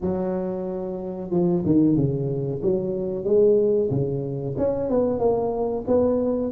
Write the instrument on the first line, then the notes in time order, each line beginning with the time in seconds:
tuba
0.01 F#3
1.30 F3
1.65 D#3
1.96 C#3
2.62 F#3
3.24 G#3
3.90 C#3
4.57 C#4
4.89 B3
5.18 A#3
5.87 B3